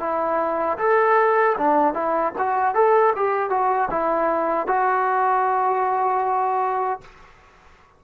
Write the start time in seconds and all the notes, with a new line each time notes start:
0.00 E4
0.79 A4
1.58 D4
1.94 E4
2.38 F#4
2.74 A4
3.16 G4
3.50 F#4
3.91 E4
4.68 F#4